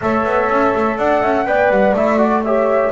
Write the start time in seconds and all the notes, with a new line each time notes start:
0.01 A3 A4 C#5 E5
0.25 B3
0.49 C#4
0.75 A3
0.97 D4 D5 F#5
1.21 C#4 E5
1.46 B3 B4 D5 G5
1.70 G3 F#5
1.93 A3 E4 E5
2.17 F#4 D5
2.43 G4 C#5 E5